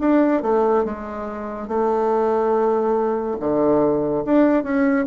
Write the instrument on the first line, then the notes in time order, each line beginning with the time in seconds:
bassoon
0.00 D4
0.42 A3
0.85 G#3
1.68 A3
3.40 D3
4.25 D4
4.64 C#4